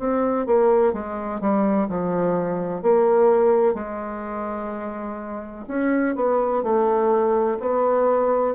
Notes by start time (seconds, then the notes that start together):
0.00 C4
0.46 A#3
0.94 G#3
1.41 G3
1.89 F3
2.83 A#3
3.75 G#3
5.68 C#4
6.16 B3
6.64 A3
7.60 B3